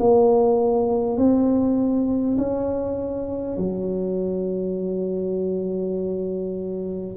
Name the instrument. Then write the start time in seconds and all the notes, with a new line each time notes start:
tuba
0.00 A#3
1.17 C4
2.38 C#4
3.58 F#3